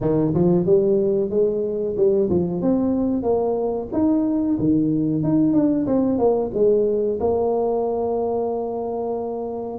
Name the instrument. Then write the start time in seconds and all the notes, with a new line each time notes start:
tuba
0.00 D#3
0.33 F3
0.65 G3
1.30 G#3
1.96 G3
2.29 F3
2.61 C4
3.23 A#3
3.92 D#4
4.59 D#3
5.23 D#4
5.53 D4
5.86 C4
6.18 A#3
6.54 G#3
7.19 A#3